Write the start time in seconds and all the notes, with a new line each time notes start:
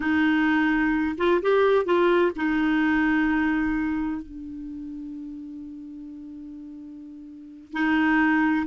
0.00 D#4
1.17 F4
1.41 G4
1.85 F4
2.36 D#4
4.21 D4
7.72 D#4